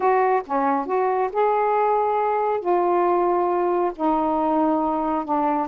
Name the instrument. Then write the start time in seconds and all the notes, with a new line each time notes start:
saxophone
0.00 F#4
0.46 C#4
0.86 F#4
1.32 G#4
2.60 F4
3.95 D#4
5.25 D4